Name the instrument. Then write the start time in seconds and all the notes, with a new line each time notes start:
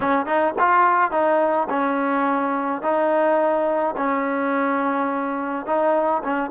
trombone
0.00 C#4
0.25 D#4
0.58 F4
1.11 D#4
1.69 C#4
2.82 D#4
3.96 C#4
5.66 D#4
6.23 C#4